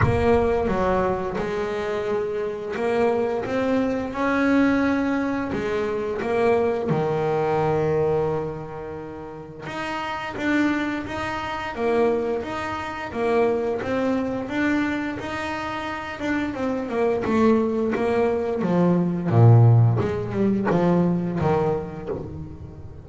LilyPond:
\new Staff \with { instrumentName = "double bass" } { \time 4/4 \tempo 4 = 87 ais4 fis4 gis2 | ais4 c'4 cis'2 | gis4 ais4 dis2~ | dis2 dis'4 d'4 |
dis'4 ais4 dis'4 ais4 | c'4 d'4 dis'4. d'8 | c'8 ais8 a4 ais4 f4 | ais,4 gis8 g8 f4 dis4 | }